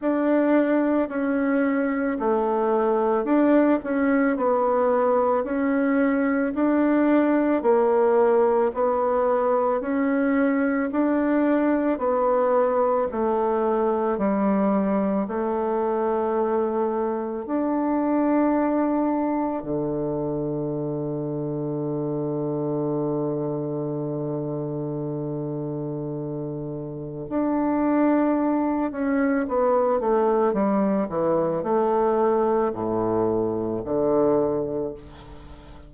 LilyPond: \new Staff \with { instrumentName = "bassoon" } { \time 4/4 \tempo 4 = 55 d'4 cis'4 a4 d'8 cis'8 | b4 cis'4 d'4 ais4 | b4 cis'4 d'4 b4 | a4 g4 a2 |
d'2 d2~ | d1~ | d4 d'4. cis'8 b8 a8 | g8 e8 a4 a,4 d4 | }